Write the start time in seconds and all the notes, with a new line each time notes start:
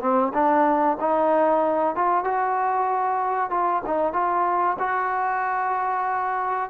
0.00 C4
0.33 D4
1.00 D#4
1.95 F4
2.24 F#4
3.50 F4
3.86 D#4
4.13 F4
4.78 F#4